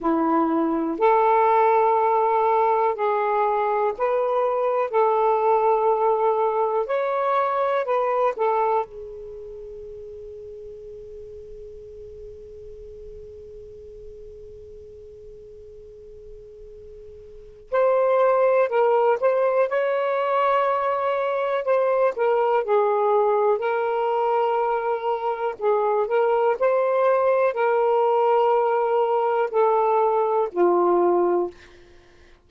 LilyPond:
\new Staff \with { instrumentName = "saxophone" } { \time 4/4 \tempo 4 = 61 e'4 a'2 gis'4 | b'4 a'2 cis''4 | b'8 a'8 gis'2.~ | gis'1~ |
gis'2 c''4 ais'8 c''8 | cis''2 c''8 ais'8 gis'4 | ais'2 gis'8 ais'8 c''4 | ais'2 a'4 f'4 | }